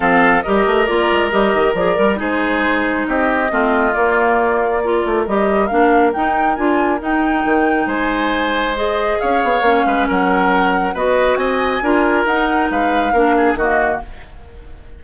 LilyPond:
<<
  \new Staff \with { instrumentName = "flute" } { \time 4/4 \tempo 4 = 137 f''4 dis''4 d''4 dis''4 | d''4 c''2 dis''4~ | dis''4 d''2. | dis''4 f''4 g''4 gis''4 |
g''2 gis''2 | dis''4 f''2 fis''4~ | fis''4 dis''4 gis''2 | fis''4 f''2 dis''4 | }
  \new Staff \with { instrumentName = "oboe" } { \time 4/4 a'4 ais'2.~ | ais'4 gis'2 g'4 | f'2. ais'4~ | ais'1~ |
ais'2 c''2~ | c''4 cis''4. b'8 ais'4~ | ais'4 b'4 dis''4 ais'4~ | ais'4 b'4 ais'8 gis'8 fis'4 | }
  \new Staff \with { instrumentName = "clarinet" } { \time 4/4 c'4 g'4 f'4 g'4 | gis'8 ais'8 dis'2. | c'4 ais2 f'4 | g'4 d'4 dis'4 f'4 |
dis'1 | gis'2 cis'2~ | cis'4 fis'2 f'4 | dis'2 d'4 ais4 | }
  \new Staff \with { instrumentName = "bassoon" } { \time 4/4 f4 g8 a8 ais8 gis8 g8 dis8 | f8 g8 gis2 c'4 | a4 ais2~ ais8 a8 | g4 ais4 dis'4 d'4 |
dis'4 dis4 gis2~ | gis4 cis'8 b8 ais8 gis8 fis4~ | fis4 b4 c'4 d'4 | dis'4 gis4 ais4 dis4 | }
>>